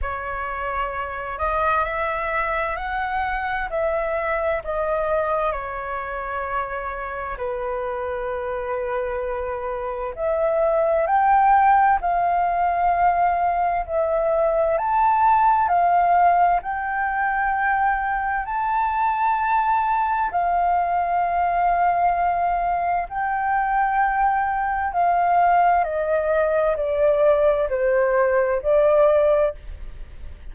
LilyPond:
\new Staff \with { instrumentName = "flute" } { \time 4/4 \tempo 4 = 65 cis''4. dis''8 e''4 fis''4 | e''4 dis''4 cis''2 | b'2. e''4 | g''4 f''2 e''4 |
a''4 f''4 g''2 | a''2 f''2~ | f''4 g''2 f''4 | dis''4 d''4 c''4 d''4 | }